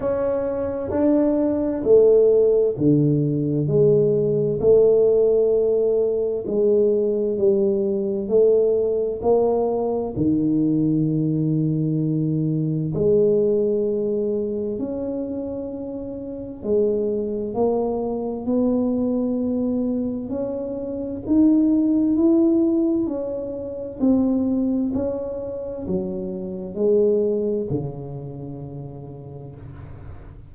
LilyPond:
\new Staff \with { instrumentName = "tuba" } { \time 4/4 \tempo 4 = 65 cis'4 d'4 a4 d4 | gis4 a2 gis4 | g4 a4 ais4 dis4~ | dis2 gis2 |
cis'2 gis4 ais4 | b2 cis'4 dis'4 | e'4 cis'4 c'4 cis'4 | fis4 gis4 cis2 | }